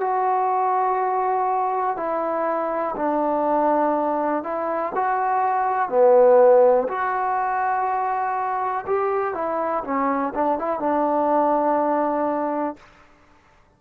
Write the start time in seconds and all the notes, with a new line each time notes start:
0.00 F#4
1.96 E4
2.96 D4
4.43 E4
4.94 F#4
5.89 B3
6.88 F#4
8.86 G4
9.34 E4
9.84 C#4
10.34 D4
10.58 E4
10.79 D4